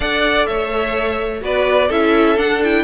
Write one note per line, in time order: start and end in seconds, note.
0.00 0.46 D4
0.00 1.40 A4
0.00 0.47 D5
0.00 0.45 F#5
0.45 1.42 A3
0.45 1.42 C#5
0.45 1.41 E5
1.40 1.89 B3
1.40 1.88 F#4
1.40 1.87 B4
1.40 1.91 D5
1.87 2.38 C#4
1.87 2.37 E4
1.87 2.83 A4
1.87 2.38 E5
2.37 2.60 D4
2.37 2.84 D4
2.37 2.62 F#5
2.63 2.84 E4
2.63 2.84 G5